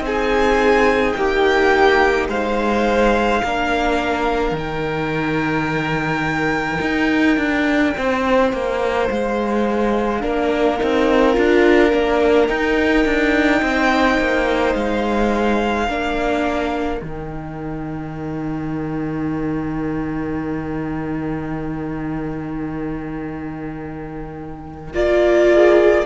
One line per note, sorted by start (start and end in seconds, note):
0.00 1.13 C4
0.00 3.43 D#4
0.00 1.18 G#4
0.00 1.12 G#5
1.12 2.28 A#3
1.12 2.29 G4
1.12 2.26 G5
2.28 3.41 G#3
2.28 3.42 C5
2.28 4.56 F5
3.42 4.51 A#3
3.42 4.58 D4
3.42 7.95 A#4
4.51 6.78 D#3
4.58 10.21 D#4
4.58 9.09 G5
6.81 7.37 D#4
7.37 7.93 D4
7.97 8.52 C4
7.97 10.20 C5
8.52 9.09 A#3
9.09 10.23 G#3
9.09 12.47 F5
10.20 10.79 A#3
10.20 10.77 D4
10.20 13.60 A#4
10.79 11.37 C4
10.79 11.33 D#4
11.33 11.93 D4
11.33 11.90 F4
11.92 12.49 A#3
11.92 12.48 D4
12.47 15.88 D#4
12.47 13.05 D#4
12.47 14.74 G5
13.05 13.61 D4
13.62 14.18 C4
13.62 15.89 C5
14.19 14.74 A#3
14.74 15.87 G#3
14.74 17.00 F5
15.88 17.01 A#3
15.88 17.00 D4
15.88 25.51 A#4
17.00 24.94 D#3
17.00 24.92 D#4
17.00 24.93 G5
24.93 26.06 A#3
24.93 26.06 F4
24.93 26.06 D5
25.54 26.06 G#4